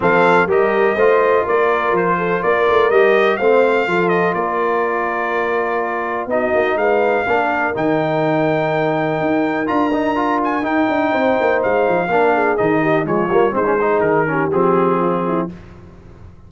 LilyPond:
<<
  \new Staff \with { instrumentName = "trumpet" } { \time 4/4 \tempo 4 = 124 f''4 dis''2 d''4 | c''4 d''4 dis''4 f''4~ | f''8 dis''8 d''2.~ | d''4 dis''4 f''2 |
g''1 | ais''4. gis''8 g''2 | f''2 dis''4 cis''4 | c''4 ais'4 gis'2 | }
  \new Staff \with { instrumentName = "horn" } { \time 4/4 a'4 ais'4 c''4 ais'4~ | ais'8 a'8 ais'2 c''4 | a'4 ais'2.~ | ais'4 fis'4 b'4 ais'4~ |
ais'1~ | ais'2. c''4~ | c''4 ais'8 gis'4 g'8 f'4 | dis'8 gis'4 g'4. f'8 e'8 | }
  \new Staff \with { instrumentName = "trombone" } { \time 4/4 c'4 g'4 f'2~ | f'2 g'4 c'4 | f'1~ | f'4 dis'2 d'4 |
dis'1 | f'8 dis'8 f'4 dis'2~ | dis'4 d'4 dis'4 gis8 ais8 | c'16 cis'16 dis'4 cis'8 c'2 | }
  \new Staff \with { instrumentName = "tuba" } { \time 4/4 f4 g4 a4 ais4 | f4 ais8 a8 g4 a4 | f4 ais2.~ | ais4 b8 ais8 gis4 ais4 |
dis2. dis'4 | d'2 dis'8 d'8 c'8 ais8 | gis8 f8 ais4 dis4 f8 g8 | gis4 dis4 f2 | }
>>